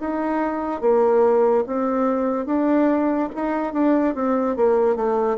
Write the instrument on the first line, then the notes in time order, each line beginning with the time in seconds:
bassoon
0.00 D#4
0.81 A#3
1.67 C4
2.46 D4
3.35 D#4
3.73 D4
4.15 C4
4.56 A#3
4.96 A3